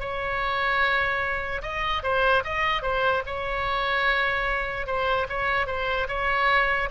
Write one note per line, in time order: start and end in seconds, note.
0.00 1.62 C#5
1.63 2.03 D#5
2.03 2.44 C5
2.45 2.82 D#5
2.82 3.23 C5
3.27 4.87 C#5
4.87 5.27 C5
5.29 5.67 C#5
5.67 6.08 C5
6.08 6.90 C#5